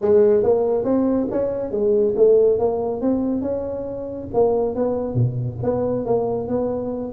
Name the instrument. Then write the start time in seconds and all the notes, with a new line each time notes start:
tuba
0.01 G#3
0.43 A#3
0.84 C4
1.31 C#4
1.71 G#3
2.16 A3
2.59 A#3
3.01 C4
3.41 C#4
4.33 A#3
4.75 B3
5.14 B2
5.62 B3
6.05 A#3
6.48 B3